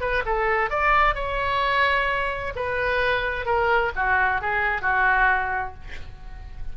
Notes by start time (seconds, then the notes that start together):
0.00 B4
0.26 A4
0.70 D5
1.15 C#5
2.55 B4
3.45 A#4
3.95 F#4
4.41 G#4
4.81 F#4